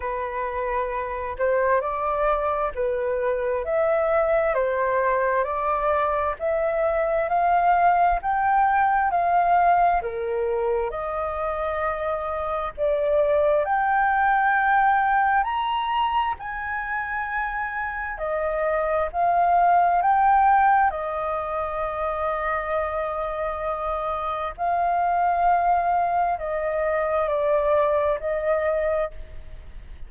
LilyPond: \new Staff \with { instrumentName = "flute" } { \time 4/4 \tempo 4 = 66 b'4. c''8 d''4 b'4 | e''4 c''4 d''4 e''4 | f''4 g''4 f''4 ais'4 | dis''2 d''4 g''4~ |
g''4 ais''4 gis''2 | dis''4 f''4 g''4 dis''4~ | dis''2. f''4~ | f''4 dis''4 d''4 dis''4 | }